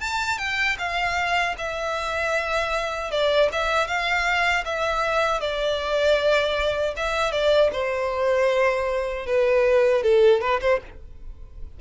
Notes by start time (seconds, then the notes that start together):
0.00 A5
0.38 G5
0.78 F5
1.58 E5
3.11 D5
3.52 E5
3.87 F5
4.65 E5
5.40 D5
6.96 E5
7.31 D5
7.72 C5
9.26 B4
10.03 A4
10.41 B4
10.60 C5